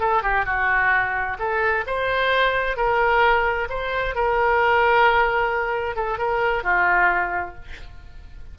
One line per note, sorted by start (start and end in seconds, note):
0.00 0.22 A4
0.22 0.45 G4
0.46 1.37 F#4
1.39 1.85 A4
1.87 2.76 C5
2.76 3.68 A#4
3.70 4.15 C5
4.15 5.96 A#4
5.96 6.18 A4
6.18 6.63 A#4
6.63 7.55 F4